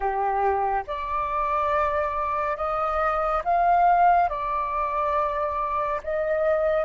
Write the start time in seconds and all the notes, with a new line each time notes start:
0.00 G4
0.86 D5
2.56 D#5
3.44 F5
4.29 D5
6.03 D#5